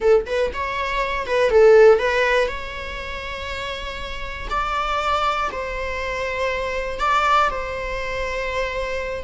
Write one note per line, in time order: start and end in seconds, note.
0.00 0.25 A4
0.26 0.51 B4
0.53 1.26 C#5
1.26 1.50 B4
1.50 1.98 A4
1.98 2.48 B4
2.48 4.47 C#5
4.50 5.50 D5
5.51 6.99 C5
6.99 7.49 D5
7.50 9.24 C5